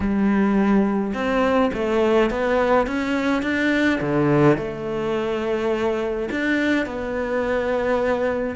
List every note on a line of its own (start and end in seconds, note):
0.00 1.13 G3
1.14 1.71 C4
1.73 2.30 A3
2.30 2.86 B3
2.86 3.42 C#4
3.42 3.99 D4
4.01 4.57 D3
4.57 6.29 A3
6.30 6.85 D4
6.85 8.55 B3